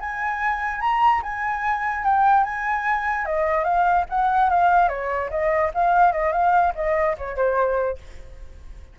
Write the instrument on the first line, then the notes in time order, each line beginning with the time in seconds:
flute
0.00 G#5
0.80 A#5
1.23 G#5
2.04 G5
2.44 G#5
3.25 D#5
3.64 F5
4.09 F#5
4.50 F5
4.88 C#5
5.30 D#5
5.74 F5
6.12 D#5
6.32 F5
6.75 D#5
7.17 C#5
7.36 C5